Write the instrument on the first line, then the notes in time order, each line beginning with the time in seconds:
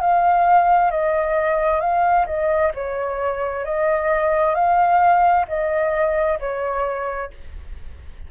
flute
0.00 F5
0.91 D#5
1.80 F5
2.26 D#5
2.74 C#5
3.65 D#5
4.55 F5
5.48 D#5
6.40 C#5